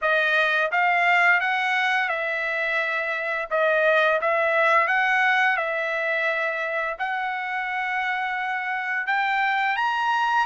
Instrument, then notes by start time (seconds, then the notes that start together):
trumpet
0.01 D#5
0.71 F5
1.40 F#5
2.09 E5
3.50 D#5
4.21 E5
4.87 F#5
5.57 E5
6.98 F#5
9.07 G5
9.76 A#5